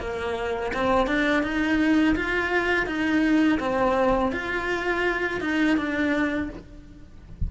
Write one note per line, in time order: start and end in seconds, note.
0.00 0.72 A#3
0.74 1.07 C4
1.07 1.43 D4
1.43 2.15 D#4
2.16 2.87 F4
2.87 3.59 D#4
3.60 4.32 C4
4.32 5.41 F4
5.41 5.77 D#4
5.77 6.49 D4